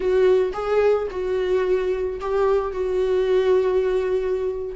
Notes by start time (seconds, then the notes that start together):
0.00 F#4
0.53 G#4
1.11 F#4
2.20 G4
2.72 F#4